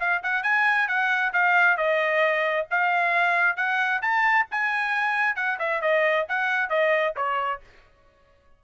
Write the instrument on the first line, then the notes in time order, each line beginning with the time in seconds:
trumpet
0.00 F5
0.23 F#5
0.43 G#5
0.88 F#5
1.33 F5
1.77 D#5
2.70 F5
3.57 F#5
4.02 A5
4.51 G#5
5.36 F#5
5.59 E5
5.81 D#5
6.29 F#5
6.69 D#5
7.16 C#5